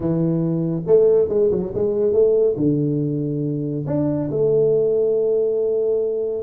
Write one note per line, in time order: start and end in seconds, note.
0.00 0.82 E3
0.86 1.29 A3
1.29 1.50 G#3
1.51 1.72 F#3
1.74 2.12 G#3
2.12 2.55 A3
2.57 3.85 D3
3.86 4.29 D4
4.30 6.42 A3